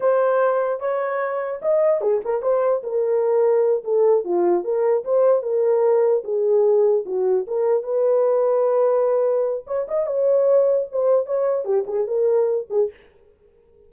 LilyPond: \new Staff \with { instrumentName = "horn" } { \time 4/4 \tempo 4 = 149 c''2 cis''2 | dis''4 gis'8 ais'8 c''4 ais'4~ | ais'4. a'4 f'4 ais'8~ | ais'8 c''4 ais'2 gis'8~ |
gis'4. fis'4 ais'4 b'8~ | b'1 | cis''8 dis''8 cis''2 c''4 | cis''4 g'8 gis'8 ais'4. gis'8 | }